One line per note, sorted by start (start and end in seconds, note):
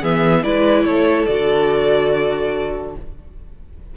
0.00 0.44 E3
0.00 0.43 B3
0.00 0.42 G#4
0.00 0.43 E5
0.43 0.84 G#3
0.43 1.27 E4
0.43 0.85 B4
0.43 0.84 D5
0.84 1.26 A3
0.84 2.95 A4
0.84 1.26 C#5
1.26 2.96 D3
1.26 2.96 F#4
1.26 2.94 D5